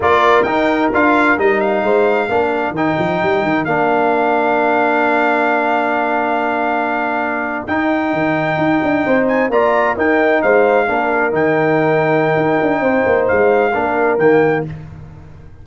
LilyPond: <<
  \new Staff \with { instrumentName = "trumpet" } { \time 4/4 \tempo 4 = 131 d''4 g''4 f''4 dis''8 f''8~ | f''2 g''2 | f''1~ | f''1~ |
f''8. g''2.~ g''16~ | g''16 gis''8 ais''4 g''4 f''4~ f''16~ | f''8. g''2.~ g''16~ | g''4 f''2 g''4 | }
  \new Staff \with { instrumentName = "horn" } { \time 4/4 ais'1 | c''4 ais'2.~ | ais'1~ | ais'1~ |
ais'2.~ ais'8. c''16~ | c''8. d''4 ais'4 c''4 ais'16~ | ais'1 | c''2 ais'2 | }
  \new Staff \with { instrumentName = "trombone" } { \time 4/4 f'4 dis'4 f'4 dis'4~ | dis'4 d'4 dis'2 | d'1~ | d'1~ |
d'8. dis'2.~ dis'16~ | dis'8. f'4 dis'2 d'16~ | d'8. dis'2.~ dis'16~ | dis'2 d'4 ais4 | }
  \new Staff \with { instrumentName = "tuba" } { \time 4/4 ais4 dis'4 d'4 g4 | gis4 ais4 dis8 f8 g8 dis8 | ais1~ | ais1~ |
ais8. dis'4 dis4 dis'8 d'8 c'16~ | c'8. ais4 dis'4 gis4 ais16~ | ais8. dis2~ dis16 dis'8 d'8 | c'8 ais8 gis4 ais4 dis4 | }
>>